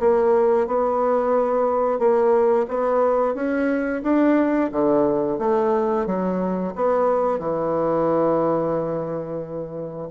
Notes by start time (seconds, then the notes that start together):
0.00 A#3
0.67 B3
1.99 A#3
2.68 B3
3.35 C#4
4.03 D4
4.72 D3
5.39 A3
6.06 F#3
6.75 B3
7.39 E3